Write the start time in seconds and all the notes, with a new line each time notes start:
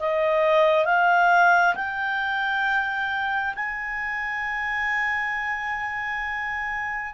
0.00 D#5
0.85 F5
1.76 G5
3.56 G#5